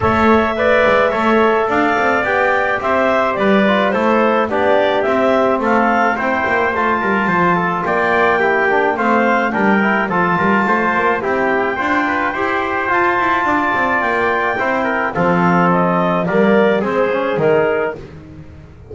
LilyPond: <<
  \new Staff \with { instrumentName = "clarinet" } { \time 4/4 \tempo 4 = 107 e''2. f''4 | g''4 e''4 d''4 c''4 | d''4 e''4 f''4 g''4 | a''2 g''2 |
f''4 g''4 a''2 | g''2. a''4~ | a''4 g''2 f''4 | dis''4 d''4 c''4 ais'4 | }
  \new Staff \with { instrumentName = "trumpet" } { \time 4/4 cis''4 d''4 cis''4 d''4~ | d''4 c''4 b'4 a'4 | g'2 a'4 c''4~ | c''8 ais'8 c''8 a'8 d''4 g'4 |
c''4 ais'4 a'8 ais'8 c''4 | g'4 c''8 b'8 c''2 | d''2 c''8 ais'8 a'4~ | a'4 ais'4 gis'2 | }
  \new Staff \with { instrumentName = "trombone" } { \time 4/4 a'4 b'4 a'2 | g'2~ g'8 f'8 e'4 | d'4 c'2 e'4 | f'2. e'8 d'8 |
c'4 d'8 e'8 f'2 | e'4 f'4 g'4 f'4~ | f'2 e'4 c'4~ | c'4 ais4 c'8 cis'8 dis'4 | }
  \new Staff \with { instrumentName = "double bass" } { \time 4/4 a4. gis8 a4 d'8 c'8 | b4 c'4 g4 a4 | b4 c'4 a4 c'8 ais8 | a8 g8 f4 ais2 |
a4 g4 f8 g8 a8 ais8 | c'4 d'4 e'4 f'8 e'8 | d'8 c'8 ais4 c'4 f4~ | f4 g4 gis4 dis4 | }
>>